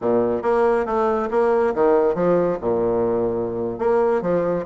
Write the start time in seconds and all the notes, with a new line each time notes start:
0.01 A#2
0.42 A#3
0.85 A3
1.30 A#3
1.74 D#3
2.14 F3
2.61 A#2
3.78 A#3
4.21 F3